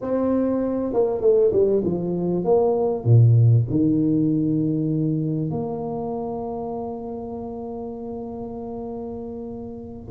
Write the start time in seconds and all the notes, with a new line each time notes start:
0.01 C4
0.93 A#3
1.21 A3
1.52 G3
1.84 F3
2.44 A#3
3.04 A#2
3.70 D#3
5.50 A#3